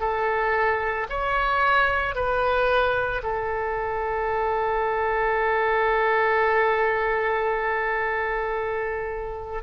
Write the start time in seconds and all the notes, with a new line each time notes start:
0.00 A4
1.10 C#5
2.15 B4
3.23 A4